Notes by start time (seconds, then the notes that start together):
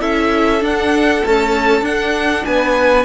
0.00 C#4 E4 A4 E5
0.61 D4 F#5
1.23 A3 C#4 A5
1.82 D4 F#5
2.45 B3 B4 G#5